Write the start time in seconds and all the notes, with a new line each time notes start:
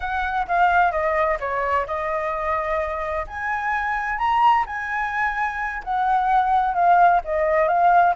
0.00 F#5
0.47 F5
0.91 D#5
1.40 C#5
1.86 D#5
3.27 G#5
4.18 A#5
4.66 G#5
5.84 F#5
6.74 F5
7.24 D#5
7.67 F5